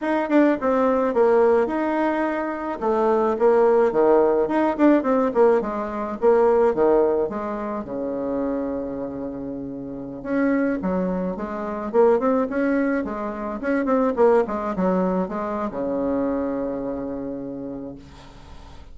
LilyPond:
\new Staff \with { instrumentName = "bassoon" } { \time 4/4 \tempo 4 = 107 dis'8 d'8 c'4 ais4 dis'4~ | dis'4 a4 ais4 dis4 | dis'8 d'8 c'8 ais8 gis4 ais4 | dis4 gis4 cis2~ |
cis2~ cis16 cis'4 fis8.~ | fis16 gis4 ais8 c'8 cis'4 gis8.~ | gis16 cis'8 c'8 ais8 gis8 fis4 gis8. | cis1 | }